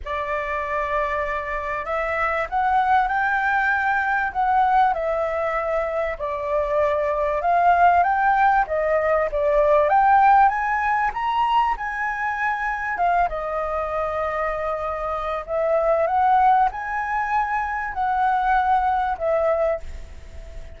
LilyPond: \new Staff \with { instrumentName = "flute" } { \time 4/4 \tempo 4 = 97 d''2. e''4 | fis''4 g''2 fis''4 | e''2 d''2 | f''4 g''4 dis''4 d''4 |
g''4 gis''4 ais''4 gis''4~ | gis''4 f''8 dis''2~ dis''8~ | dis''4 e''4 fis''4 gis''4~ | gis''4 fis''2 e''4 | }